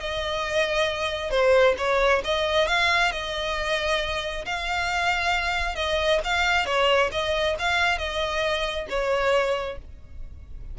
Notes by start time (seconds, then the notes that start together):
0.00 D#5
1.31 C5
1.78 C#5
2.24 D#5
2.67 F5
3.12 D#5
4.45 F5
5.76 D#5
6.24 F5
6.66 C#5
7.12 D#5
7.59 F5
7.98 D#5
8.89 C#5